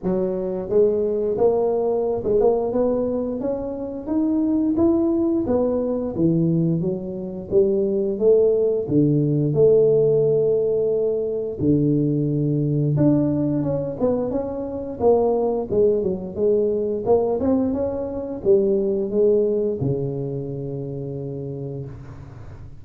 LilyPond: \new Staff \with { instrumentName = "tuba" } { \time 4/4 \tempo 4 = 88 fis4 gis4 ais4~ ais16 gis16 ais8 | b4 cis'4 dis'4 e'4 | b4 e4 fis4 g4 | a4 d4 a2~ |
a4 d2 d'4 | cis'8 b8 cis'4 ais4 gis8 fis8 | gis4 ais8 c'8 cis'4 g4 | gis4 cis2. | }